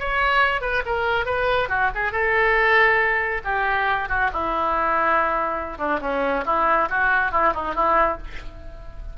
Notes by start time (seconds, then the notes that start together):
0.00 C#5
0.62 B4
0.86 A#4
1.26 B4
1.69 F#4
1.95 G#4
2.12 A4
3.45 G4
4.09 F#4
4.33 E4
5.79 D4
6.02 C#4
6.46 E4
6.90 F#4
7.32 E4
7.55 D#4
7.75 E4